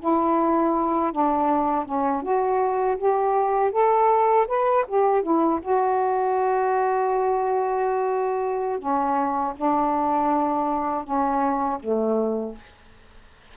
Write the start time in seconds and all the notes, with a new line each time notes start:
0.00 E4
1.12 D4
1.85 C#4
2.23 F#4
2.98 G4
3.72 A4
4.48 B4
4.88 G4
5.23 E4
5.62 F#4
8.80 C#4
9.57 D4
11.05 C#4
11.80 A3